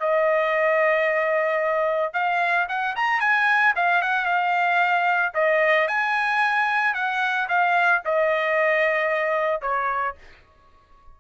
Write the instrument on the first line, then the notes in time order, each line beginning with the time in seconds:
trumpet
0.00 D#5
2.14 F5
2.69 F#5
2.96 A#5
3.20 G#5
3.76 F5
4.02 F#5
4.26 F5
5.34 D#5
5.88 G#5
6.94 F#5
7.49 F5
8.05 D#5
9.62 C#5